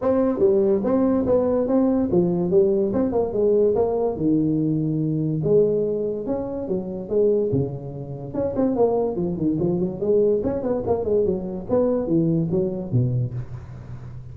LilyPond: \new Staff \with { instrumentName = "tuba" } { \time 4/4 \tempo 4 = 144 c'4 g4 c'4 b4 | c'4 f4 g4 c'8 ais8 | gis4 ais4 dis2~ | dis4 gis2 cis'4 |
fis4 gis4 cis2 | cis'8 c'8 ais4 f8 dis8 f8 fis8 | gis4 cis'8 b8 ais8 gis8 fis4 | b4 e4 fis4 b,4 | }